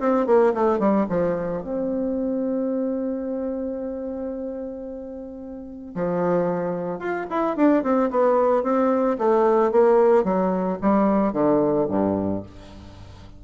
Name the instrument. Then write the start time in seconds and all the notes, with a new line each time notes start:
bassoon
0.00 C4
0.26 A#3
0.54 A3
0.79 G3
1.09 F3
1.62 C4
5.95 F3
6.99 F4
7.30 E4
7.56 D4
7.83 C4
8.11 B3
8.63 C4
9.18 A3
9.71 A#3
10.24 F#3
10.82 G3
11.33 D3
11.89 G2